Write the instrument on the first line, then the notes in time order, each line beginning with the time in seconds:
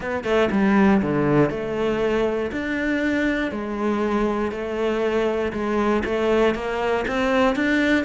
cello
0.00 B3
0.24 A3
0.51 G3
1.02 D3
1.50 A3
2.51 D4
3.51 G#3
4.51 A3
5.53 G#3
6.04 A3
6.54 A#3
7.07 C4
7.55 D4